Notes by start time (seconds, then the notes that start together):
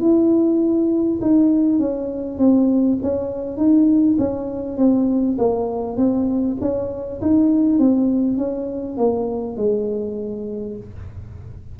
0.00 E4
1.21 D#4
1.79 C#4
2.38 C4
3.02 C#4
3.57 D#4
4.18 C#4
4.77 C4
5.38 A#3
5.97 C4
6.61 C#4
7.21 D#4
7.79 C4
8.37 C#4
8.97 A#3
9.57 G#3